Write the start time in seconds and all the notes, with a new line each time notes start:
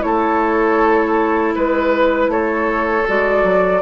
0.00 A3 E4 C#5
0.06 A4
1.55 G#3 B4
2.28 A3 A4 C#5
3.08 G#3 F#4 D5
3.44 F#3